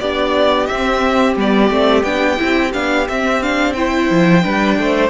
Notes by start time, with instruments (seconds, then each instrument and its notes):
0.00 cello B3, viola D4, violin G4 D5
0.67 viola C4, cello C4, violin E5
1.37 cello G3, viola B3, violin D5
1.71 cello A3, viola C4
2.04 cello B3, viola D4, violin G5
2.38 cello C4, viola E4
2.74 cello B3, viola D4, violin F5
3.09 cello C4, viola C4, violin E5
3.42 viola D4, violin F5
3.73 viola E4, violin C5 G5
4.11 cello F3
4.43 cello G3, viola D4, violin B4
4.79 cello A3, violin C5